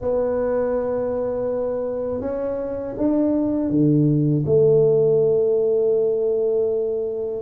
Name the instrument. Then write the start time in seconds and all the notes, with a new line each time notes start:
tuba
0.01 B3
2.21 C#4
2.97 D4
3.70 D3
4.45 A3